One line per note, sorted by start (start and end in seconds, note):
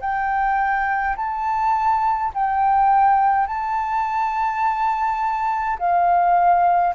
0.00 1.15 G5
1.16 2.31 A5
2.34 3.47 G5
3.47 5.77 A5
5.78 6.94 F5